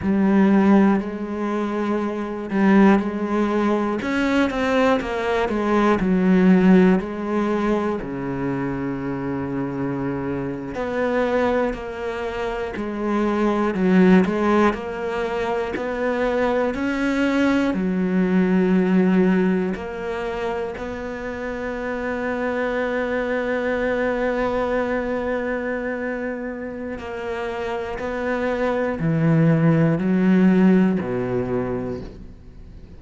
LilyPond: \new Staff \with { instrumentName = "cello" } { \time 4/4 \tempo 4 = 60 g4 gis4. g8 gis4 | cis'8 c'8 ais8 gis8 fis4 gis4 | cis2~ cis8. b4 ais16~ | ais8. gis4 fis8 gis8 ais4 b16~ |
b8. cis'4 fis2 ais16~ | ais8. b2.~ b16~ | b2. ais4 | b4 e4 fis4 b,4 | }